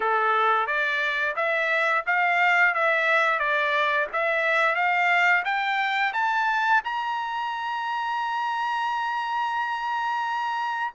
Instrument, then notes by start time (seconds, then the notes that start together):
trumpet
0.00 A4
0.67 D5
1.36 E5
2.06 F5
2.74 E5
3.39 D5
4.12 E5
4.75 F5
5.44 G5
6.13 A5
6.84 A#5